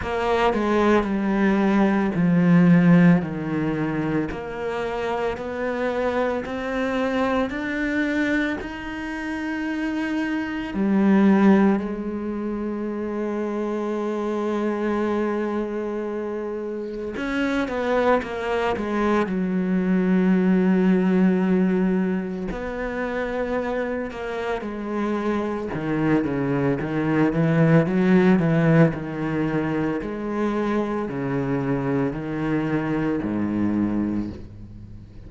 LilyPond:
\new Staff \with { instrumentName = "cello" } { \time 4/4 \tempo 4 = 56 ais8 gis8 g4 f4 dis4 | ais4 b4 c'4 d'4 | dis'2 g4 gis4~ | gis1 |
cis'8 b8 ais8 gis8 fis2~ | fis4 b4. ais8 gis4 | dis8 cis8 dis8 e8 fis8 e8 dis4 | gis4 cis4 dis4 gis,4 | }